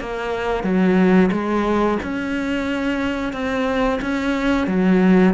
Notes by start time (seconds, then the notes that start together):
0.00 A#3
0.64 F#3
1.32 G#3
2.03 C#4
3.33 C4
4.02 C#4
4.67 F#3